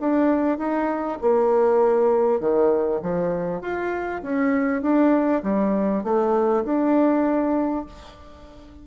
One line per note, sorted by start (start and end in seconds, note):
0.00 0.58 D4
0.58 1.18 D#4
1.21 2.40 A#3
2.40 3.00 D#3
3.02 3.61 F3
3.61 4.22 F4
4.22 4.82 C#4
4.82 5.42 D4
5.43 6.03 G3
6.03 6.64 A3
6.64 7.85 D4